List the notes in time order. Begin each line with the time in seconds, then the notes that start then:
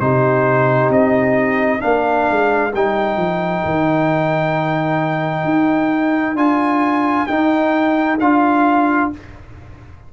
0.00 C3 D#4 G4 C5
0.90 C4 D#5
1.80 A#3 D4 A#4 F5
2.31 G#3
2.74 G3 D#4 G5
3.17 F3
3.65 D#3
5.45 D#4
6.35 D4 F4 G#5
7.27 D#4 G5
8.20 D4 F4 F5